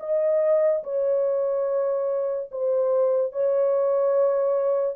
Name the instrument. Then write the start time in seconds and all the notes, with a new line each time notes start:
horn
0.00 D#5
0.84 C#5
2.52 C5
3.33 C#5